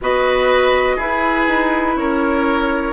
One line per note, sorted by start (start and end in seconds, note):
0.01 0.96 B3
0.01 0.99 F#4
0.01 0.96 B4
0.01 1.00 D#5
0.96 1.45 E4
0.96 2.93 E4
0.96 1.94 G#4
0.96 1.97 B4
1.48 1.96 D#4
1.96 2.93 C#4
1.96 2.93 A#4
1.96 2.93 C#5